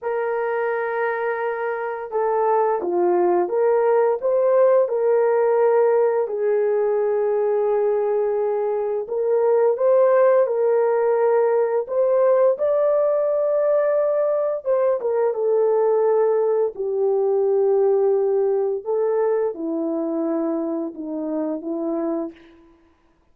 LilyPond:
\new Staff \with { instrumentName = "horn" } { \time 4/4 \tempo 4 = 86 ais'2. a'4 | f'4 ais'4 c''4 ais'4~ | ais'4 gis'2.~ | gis'4 ais'4 c''4 ais'4~ |
ais'4 c''4 d''2~ | d''4 c''8 ais'8 a'2 | g'2. a'4 | e'2 dis'4 e'4 | }